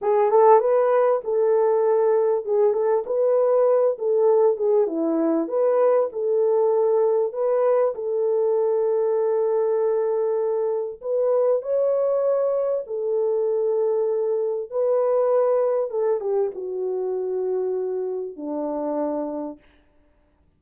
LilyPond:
\new Staff \with { instrumentName = "horn" } { \time 4/4 \tempo 4 = 98 gis'8 a'8 b'4 a'2 | gis'8 a'8 b'4. a'4 gis'8 | e'4 b'4 a'2 | b'4 a'2.~ |
a'2 b'4 cis''4~ | cis''4 a'2. | b'2 a'8 g'8 fis'4~ | fis'2 d'2 | }